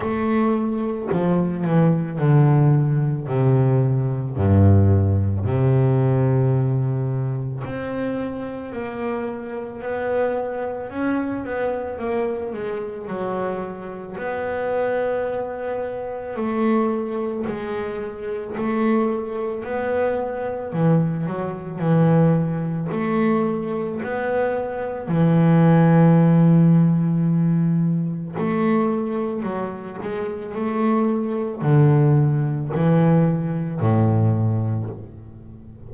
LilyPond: \new Staff \with { instrumentName = "double bass" } { \time 4/4 \tempo 4 = 55 a4 f8 e8 d4 c4 | g,4 c2 c'4 | ais4 b4 cis'8 b8 ais8 gis8 | fis4 b2 a4 |
gis4 a4 b4 e8 fis8 | e4 a4 b4 e4~ | e2 a4 fis8 gis8 | a4 d4 e4 a,4 | }